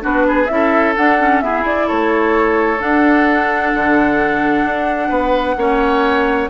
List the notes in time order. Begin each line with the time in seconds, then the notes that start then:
0.00 B3 D4 F#4 B4
0.27 G#4
0.47 C#4 E4 E5
0.54 A4
0.96 D4 F#5
1.20 C#4
1.41 B3 E4 G#4 E5
1.61 E4 D5
1.87 A3 A4 C#5
2.79 D4 F#5
3.74 D3
4.64 D4
5.08 B3 B4
5.56 A#3 C#4 C#5